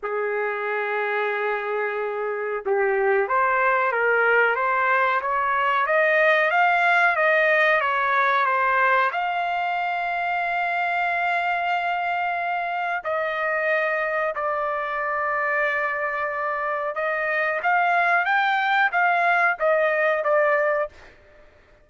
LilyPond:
\new Staff \with { instrumentName = "trumpet" } { \time 4/4 \tempo 4 = 92 gis'1 | g'4 c''4 ais'4 c''4 | cis''4 dis''4 f''4 dis''4 | cis''4 c''4 f''2~ |
f''1 | dis''2 d''2~ | d''2 dis''4 f''4 | g''4 f''4 dis''4 d''4 | }